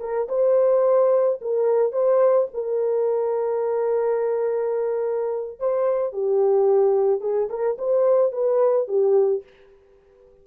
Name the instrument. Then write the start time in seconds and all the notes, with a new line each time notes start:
horn
0.00 A#4
0.29 C5
1.42 A#4
1.93 C5
2.54 A#4
5.60 C5
6.13 G4
7.21 G#4
7.49 A#4
7.79 C5
8.33 B4
8.88 G4